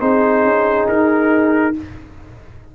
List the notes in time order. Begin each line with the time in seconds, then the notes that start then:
0.00 C4 D#4 G#4 C5
0.44 C#4
0.88 D#4 A#4